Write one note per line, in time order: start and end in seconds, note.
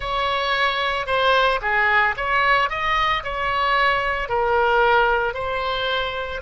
0.00 1.06 C#5
1.06 1.59 C5
1.61 2.15 G#4
2.16 2.69 C#5
2.69 3.23 D#5
3.23 4.29 C#5
4.29 5.34 A#4
5.34 6.41 C5